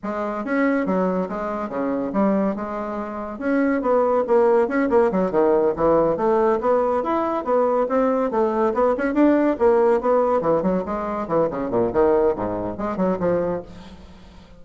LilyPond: \new Staff \with { instrumentName = "bassoon" } { \time 4/4 \tempo 4 = 141 gis4 cis'4 fis4 gis4 | cis4 g4 gis2 | cis'4 b4 ais4 cis'8 ais8 | fis8 dis4 e4 a4 b8~ |
b8 e'4 b4 c'4 a8~ | a8 b8 cis'8 d'4 ais4 b8~ | b8 e8 fis8 gis4 e8 cis8 ais,8 | dis4 gis,4 gis8 fis8 f4 | }